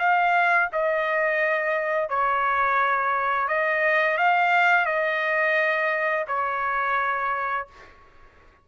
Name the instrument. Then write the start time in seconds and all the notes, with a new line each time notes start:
trumpet
0.00 F5
0.73 D#5
2.10 C#5
3.49 D#5
4.18 F5
4.86 D#5
6.28 C#5